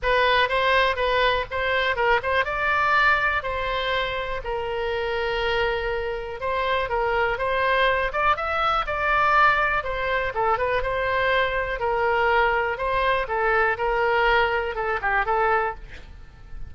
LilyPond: \new Staff \with { instrumentName = "oboe" } { \time 4/4 \tempo 4 = 122 b'4 c''4 b'4 c''4 | ais'8 c''8 d''2 c''4~ | c''4 ais'2.~ | ais'4 c''4 ais'4 c''4~ |
c''8 d''8 e''4 d''2 | c''4 a'8 b'8 c''2 | ais'2 c''4 a'4 | ais'2 a'8 g'8 a'4 | }